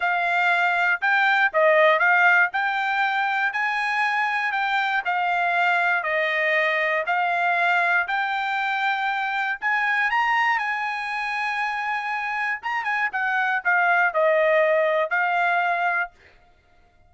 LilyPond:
\new Staff \with { instrumentName = "trumpet" } { \time 4/4 \tempo 4 = 119 f''2 g''4 dis''4 | f''4 g''2 gis''4~ | gis''4 g''4 f''2 | dis''2 f''2 |
g''2. gis''4 | ais''4 gis''2.~ | gis''4 ais''8 gis''8 fis''4 f''4 | dis''2 f''2 | }